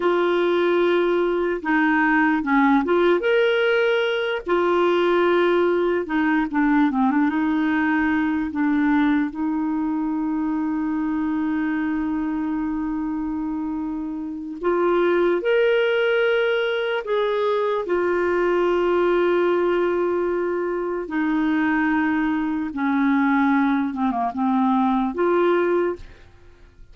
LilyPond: \new Staff \with { instrumentName = "clarinet" } { \time 4/4 \tempo 4 = 74 f'2 dis'4 cis'8 f'8 | ais'4. f'2 dis'8 | d'8 c'16 d'16 dis'4. d'4 dis'8~ | dis'1~ |
dis'2 f'4 ais'4~ | ais'4 gis'4 f'2~ | f'2 dis'2 | cis'4. c'16 ais16 c'4 f'4 | }